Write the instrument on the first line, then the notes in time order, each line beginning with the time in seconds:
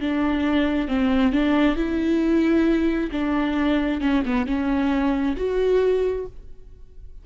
viola
0.00 D4
0.88 C4
1.32 D4
1.75 E4
3.11 D4
4.01 C#4
4.25 B3
4.46 C#4
5.36 F#4